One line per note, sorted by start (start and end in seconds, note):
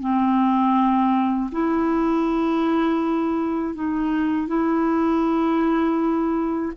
0.00 1.50 C4
1.52 3.75 E4
3.75 4.47 D#4
4.47 6.72 E4